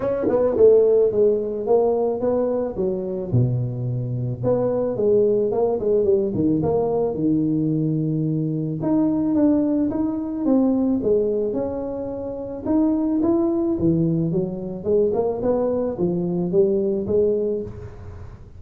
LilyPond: \new Staff \with { instrumentName = "tuba" } { \time 4/4 \tempo 4 = 109 cis'8 b8 a4 gis4 ais4 | b4 fis4 b,2 | b4 gis4 ais8 gis8 g8 dis8 | ais4 dis2. |
dis'4 d'4 dis'4 c'4 | gis4 cis'2 dis'4 | e'4 e4 fis4 gis8 ais8 | b4 f4 g4 gis4 | }